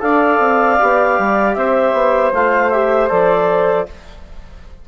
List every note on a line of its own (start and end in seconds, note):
0.00 0.39 D4
0.00 0.77 A4
0.00 1.57 D5
0.00 1.54 F5
0.39 0.78 C4
0.79 1.19 B3
0.79 2.33 G4
1.19 1.56 G3
1.54 1.93 C4
1.54 3.89 C5
1.54 2.31 E5
1.93 2.32 B3
2.33 3.10 A3
2.33 2.73 F4
2.33 2.70 F5
2.70 3.09 G4
2.70 3.08 E5
3.09 3.88 F3
3.09 3.86 A4
3.09 3.87 D5